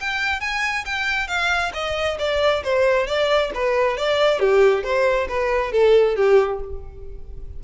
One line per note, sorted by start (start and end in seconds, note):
0.00 0.40 G5
0.40 0.84 G#5
0.85 1.27 G5
1.27 1.71 F5
1.73 2.18 D#5
2.19 2.63 D5
2.64 3.07 C5
3.07 3.51 D5
3.54 3.97 B4
3.97 4.40 D5
4.40 4.83 G4
4.83 5.27 C5
5.28 5.72 B4
5.72 6.16 A4
6.16 6.60 G4